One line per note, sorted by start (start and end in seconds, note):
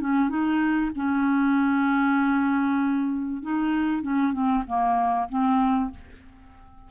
0.00 0.29 C#4
0.29 0.91 D#4
0.95 3.42 C#4
3.42 4.02 D#4
4.02 4.32 C#4
4.32 4.63 C4
4.66 5.28 A#3
5.29 5.90 C4